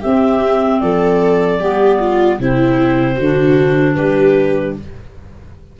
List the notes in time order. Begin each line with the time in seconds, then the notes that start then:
0.00 C4 G4 E5
0.80 F3 A4 D5
1.59 G3 B3 G4
2.00 F4
2.39 C3 C4 E4 C5
3.15 D3 F#4
3.22 D4
3.95 G3 G4 B4